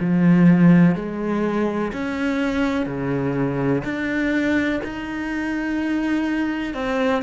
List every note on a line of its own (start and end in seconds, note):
0.00 0.95 F3
0.95 1.92 G#3
1.92 2.85 C#4
2.85 3.82 C#3
3.84 4.80 D4
4.83 6.73 D#4
6.73 7.22 C4